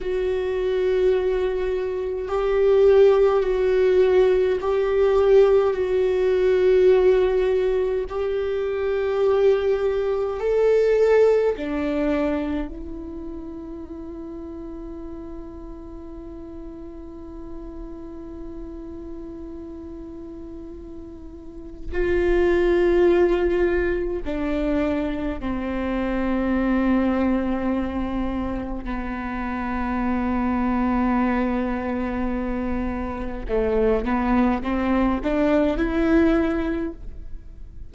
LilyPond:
\new Staff \with { instrumentName = "viola" } { \time 4/4 \tempo 4 = 52 fis'2 g'4 fis'4 | g'4 fis'2 g'4~ | g'4 a'4 d'4 e'4~ | e'1~ |
e'2. f'4~ | f'4 d'4 c'2~ | c'4 b2.~ | b4 a8 b8 c'8 d'8 e'4 | }